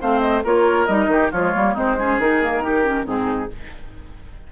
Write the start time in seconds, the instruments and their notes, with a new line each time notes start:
0.00 bassoon A3, clarinet C4, oboe C5, flute F5
0.21 flute D#5
0.44 bassoon A#3, clarinet F4, oboe A#4, flute C#5
0.86 bassoon G3, clarinet D#4, flute D#5
1.08 bassoon D#3, oboe G4
1.32 bassoon F3, clarinet G#3, oboe F4, flute C#5
1.55 bassoon G3, clarinet A#3
1.74 bassoon G#3, clarinet C4, oboe D#4, flute C5
1.99 clarinet C#4, oboe G#4
2.19 bassoon D#3, clarinet D#4, flute A#4
2.43 clarinet A#3
2.62 clarinet D#4, oboe G4
2.84 clarinet C#4
3.04 bassoon G#2, clarinet C4, oboe D#4, flute G#4